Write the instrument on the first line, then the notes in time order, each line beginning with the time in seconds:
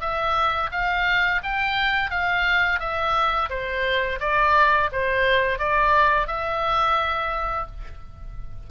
oboe
0.00 E5
0.71 F5
1.43 G5
2.10 F5
2.79 E5
3.49 C5
4.20 D5
4.92 C5
5.58 D5
6.27 E5